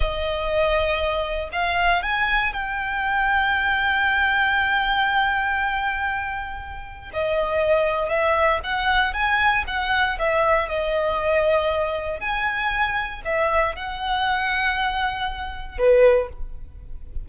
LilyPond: \new Staff \with { instrumentName = "violin" } { \time 4/4 \tempo 4 = 118 dis''2. f''4 | gis''4 g''2.~ | g''1~ | g''2 dis''2 |
e''4 fis''4 gis''4 fis''4 | e''4 dis''2. | gis''2 e''4 fis''4~ | fis''2. b'4 | }